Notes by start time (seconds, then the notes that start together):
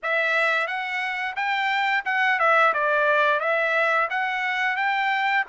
0.02 E5
0.67 F#5
1.35 G5
2.05 F#5
2.39 E5
2.73 D5
3.40 E5
4.09 F#5
4.76 G5